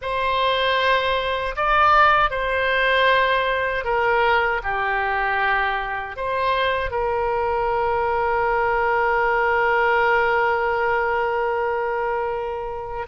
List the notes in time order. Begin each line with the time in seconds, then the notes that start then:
0.01 C5
1.56 D5
2.30 C5
3.84 A#4
4.63 G4
6.16 C5
6.91 A#4